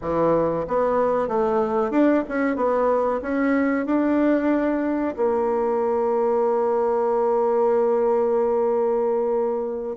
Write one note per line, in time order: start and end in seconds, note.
0.01 0.65 E3
0.67 1.28 B3
1.28 1.91 A3
1.91 2.23 D4
2.28 2.56 C#4
2.56 3.20 B3
3.21 3.86 C#4
3.86 5.15 D4
5.16 9.96 A#3